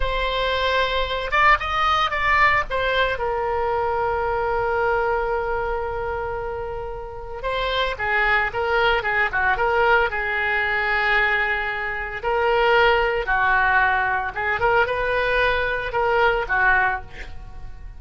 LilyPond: \new Staff \with { instrumentName = "oboe" } { \time 4/4 \tempo 4 = 113 c''2~ c''8 d''8 dis''4 | d''4 c''4 ais'2~ | ais'1~ | ais'2 c''4 gis'4 |
ais'4 gis'8 fis'8 ais'4 gis'4~ | gis'2. ais'4~ | ais'4 fis'2 gis'8 ais'8 | b'2 ais'4 fis'4 | }